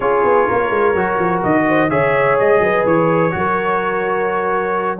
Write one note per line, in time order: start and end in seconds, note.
0.00 0.23 C#4
0.00 0.95 F4
0.00 0.47 G#4
0.00 1.43 C#5
0.23 0.47 B3
0.47 0.70 A#3
0.47 1.66 A#4
0.70 0.93 G#3
0.94 1.18 F#3
0.94 1.89 F#4
1.18 1.42 F3
1.43 1.90 D#3
1.43 1.89 D#5
1.68 1.90 C5
1.89 2.38 C#3
1.89 3.31 G#4
1.89 2.62 C#5
1.89 2.37 E5
2.39 2.59 G#3
2.39 2.86 D#5
2.59 2.82 F#3
2.59 3.34 B4
2.85 3.33 E3
2.85 4.99 C#5
3.31 4.99 F#3
3.31 4.98 F#4
3.31 4.99 A#4